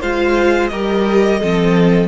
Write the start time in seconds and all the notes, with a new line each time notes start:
0.00 G#3 F4 C5 F5
0.67 G3 G4 A#4 D#5
1.40 F3 C4 A4